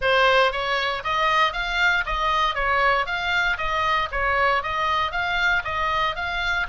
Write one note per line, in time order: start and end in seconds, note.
0.01 0.52 C5
0.52 1.03 C#5
1.03 1.52 D#5
1.52 2.04 F5
2.05 2.55 D#5
2.55 3.06 C#5
3.06 3.57 F5
3.57 4.08 D#5
4.11 4.62 C#5
4.62 5.11 D#5
5.11 5.62 F5
5.64 6.15 D#5
6.15 6.67 F5